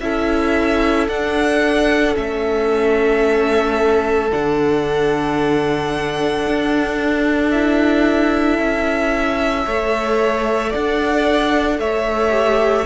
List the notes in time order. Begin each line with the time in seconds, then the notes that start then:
0.00 C#4 E4 A4 E5
1.08 D4 F#5
2.14 A3 C#4 E5
4.31 D3 D4 F#5
6.46 D4
7.51 E4 E5
8.58 C#4
9.65 A3 A4 C#5
10.70 D4 D5 F#5
11.79 A3 C#5 E5
12.30 G4